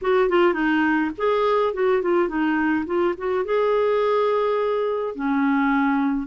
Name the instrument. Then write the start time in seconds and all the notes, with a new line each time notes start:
clarinet
0.01 F#4
0.29 F4
0.53 D#4
1.17 G#4
1.73 F#4
2.02 F4
2.28 D#4
2.86 F4
3.17 F#4
3.44 G#4
5.15 C#4